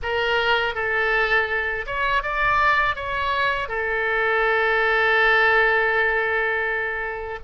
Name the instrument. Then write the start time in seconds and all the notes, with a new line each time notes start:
oboe
0.02 A#4
0.74 A4
1.86 C#5
2.22 D5
2.95 C#5
3.68 A4